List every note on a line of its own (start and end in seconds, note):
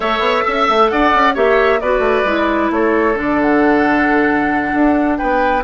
0.00 0.19 A3
0.00 1.34 A4
0.00 0.44 C#5
0.00 0.88 E5
0.19 0.41 B3
0.45 0.68 C#4
0.45 0.91 E5
0.68 0.91 A3
0.88 1.13 D4
0.88 1.34 D5
0.88 1.34 F#5
1.13 1.36 C#4
1.34 1.81 A#3
1.34 1.79 G4
1.34 1.79 C#5
1.34 1.80 E5
1.80 1.99 B3
1.80 2.25 F#4
1.80 2.72 B4
1.80 2.70 D5
1.99 2.22 A3
2.24 2.69 G#3
2.24 3.14 E4
2.70 3.15 A3
2.70 5.18 A4
2.70 3.17 C#5
3.14 4.73 D3
3.14 5.62 D4
3.14 3.41 D5
3.41 5.17 F#5
4.73 5.19 D4
5.17 5.63 B3
5.17 5.63 B4
5.17 5.62 G5